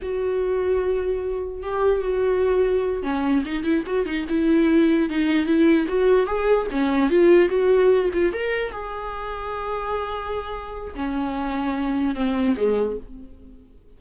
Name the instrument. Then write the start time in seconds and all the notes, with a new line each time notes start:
viola
0.01 F#4
1.63 G4
2.01 F#4
3.03 C#4
3.45 D#4
3.63 E4
3.86 F#4
4.05 D#4
4.28 E4
5.09 D#4
5.46 E4
5.88 F#4
6.26 G#4
6.71 C#4
7.09 F4
7.49 F#4
8.13 F4
8.32 A#4
8.71 G#4
10.95 C#4
12.15 C4
12.56 G#3